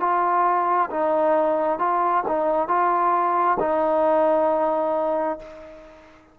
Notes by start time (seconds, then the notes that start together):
0.00 F4
0.90 D#4
1.79 F4
2.27 D#4
2.68 F4
3.59 D#4